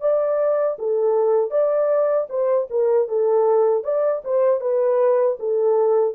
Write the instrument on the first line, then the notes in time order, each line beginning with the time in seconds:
horn
0.00 D5
0.79 A4
1.51 D5
2.29 C5
2.70 A#4
3.08 A4
3.84 D5
4.24 C5
4.60 B4
5.40 A4